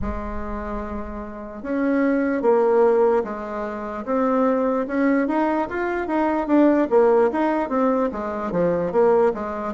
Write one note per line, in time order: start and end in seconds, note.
0.01 1.63 G#3
1.63 2.41 C#4
2.41 3.22 A#3
3.24 4.05 G#3
4.05 4.86 C4
4.86 5.27 C#4
5.27 5.68 D#4
5.69 6.07 F4
6.07 6.47 D#4
6.47 6.87 D4
6.90 7.30 A#3
7.32 7.69 D#4
7.69 8.09 C4
8.12 8.51 G#3
8.51 8.92 F3
8.92 9.32 A#3
9.34 9.73 G#3